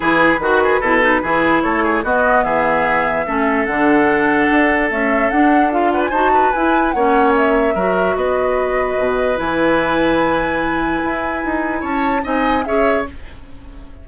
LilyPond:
<<
  \new Staff \with { instrumentName = "flute" } { \time 4/4 \tempo 4 = 147 b'1 | cis''4 dis''4 e''2~ | e''4 fis''2. | e''4 fis''4 f''8 fis''16 gis''16 a''4 |
gis''4 fis''4 e''2 | dis''2. gis''4~ | gis''1~ | gis''4 a''4 gis''4 e''4 | }
  \new Staff \with { instrumentName = "oboe" } { \time 4/4 gis'4 fis'8 gis'8 a'4 gis'4 | a'8 gis'8 fis'4 gis'2 | a'1~ | a'2~ a'8 b'8 c''8 b'8~ |
b'4 cis''2 ais'4 | b'1~ | b'1~ | b'4 cis''4 dis''4 cis''4 | }
  \new Staff \with { instrumentName = "clarinet" } { \time 4/4 e'4 fis'4 e'8 dis'8 e'4~ | e'4 b2. | cis'4 d'2. | a4 d'4 f'4 fis'4 |
e'4 cis'2 fis'4~ | fis'2. e'4~ | e'1~ | e'2 dis'4 gis'4 | }
  \new Staff \with { instrumentName = "bassoon" } { \time 4/4 e4 dis4 b,4 e4 | a4 b4 e2 | a4 d2 d'4 | cis'4 d'2 dis'4 |
e'4 ais2 fis4 | b2 b,4 e4~ | e2. e'4 | dis'4 cis'4 c'4 cis'4 | }
>>